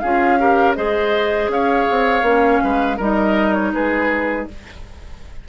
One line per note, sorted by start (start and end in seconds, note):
0.00 0.77 C#4
0.00 0.40 F4
0.00 0.39 G#4
0.00 0.74 F5
0.40 0.76 G4
0.40 0.77 A#4
0.76 1.48 G#3
0.76 2.24 G#4
0.76 1.51 C5
0.76 1.50 D#5
1.48 1.85 C#4
1.48 2.64 C#5
1.48 3.00 F5
1.90 2.23 C4
2.23 2.60 A#3
2.23 2.98 C#4
2.64 2.99 G#3
2.64 2.97 B4
2.97 3.73 G3
2.97 4.48 D#4
2.97 3.71 A#4
2.97 3.54 D#5
3.54 3.73 C#5
3.73 4.47 G#3
3.73 4.49 G#4
3.73 4.48 B4